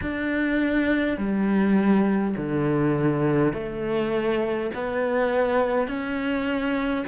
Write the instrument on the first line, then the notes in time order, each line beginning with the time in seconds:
cello
0.01 D4
1.17 G3
2.36 D3
3.53 A3
4.74 B3
5.87 C#4